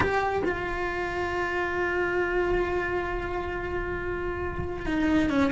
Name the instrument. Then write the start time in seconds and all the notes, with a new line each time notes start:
cello
0.00 G4
0.44 F4
4.86 D#4
5.29 C#4